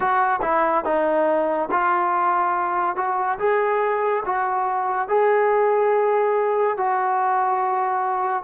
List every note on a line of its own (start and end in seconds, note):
0.00 0.40 F#4
0.41 0.84 E4
0.84 1.69 D#4
1.71 2.96 F4
2.96 3.38 F#4
3.38 4.23 G#4
4.25 5.08 F#4
5.08 6.77 G#4
6.77 8.43 F#4